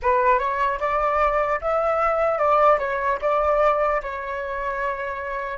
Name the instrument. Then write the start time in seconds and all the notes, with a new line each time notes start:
flute
0.02 B4
0.39 C#5
0.80 D5
1.61 E5
2.38 D5
2.79 C#5
3.21 D5
4.02 C#5